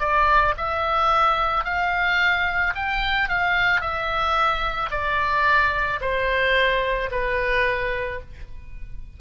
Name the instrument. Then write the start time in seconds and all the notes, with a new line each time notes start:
oboe
0.00 D5
0.58 E5
1.65 F5
2.76 G5
3.29 F5
3.81 E5
4.91 D5
6.01 C5
7.12 B4